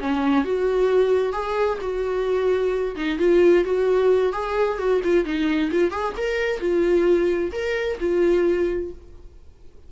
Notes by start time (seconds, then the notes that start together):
0.00 C#4
0.45 F#4
1.33 G#4
1.81 F#4
2.96 D#4
3.19 F4
3.65 F#4
4.33 G#4
4.78 F#4
5.04 F4
5.25 D#4
5.71 F4
5.91 G#4
6.17 A#4
6.60 F4
7.53 A#4
8.00 F4